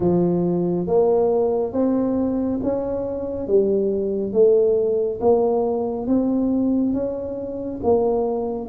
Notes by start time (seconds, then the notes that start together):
0.00 F3
0.87 A#3
1.72 C4
2.62 C#4
3.47 G3
4.32 A3
5.20 A#3
6.07 C4
6.93 C#4
7.83 A#3